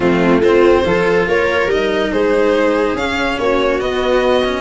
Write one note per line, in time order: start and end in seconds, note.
0.00 0.38 F3
0.00 0.42 A3
0.00 0.40 C4
0.00 0.41 F4
0.38 0.80 A3
0.38 0.84 C4
0.38 0.83 F4
0.38 1.27 C5
0.84 1.26 F3
0.84 1.69 F4
0.84 1.28 A4
1.27 1.66 A#3
1.27 2.12 A#4
1.27 1.70 C#5
1.66 2.08 G3
1.66 2.97 D#4
1.66 2.12 D#5
2.12 2.93 G#3
2.12 3.39 G#4
2.12 2.96 C5
2.93 3.35 C#4
2.93 3.80 C#4
2.93 3.38 F5
3.38 3.81 A#3
3.38 4.61 F#4
3.38 3.80 C#5
3.80 4.43 B3
3.80 4.61 B3
3.80 4.61 D#5
4.44 4.61 C#4